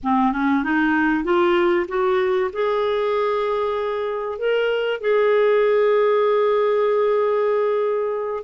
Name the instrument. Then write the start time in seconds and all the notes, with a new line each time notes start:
clarinet
0.03 C4
0.32 C#4
0.63 D#4
1.24 F4
1.88 F#4
2.52 G#4
4.38 A#4
5.00 G#4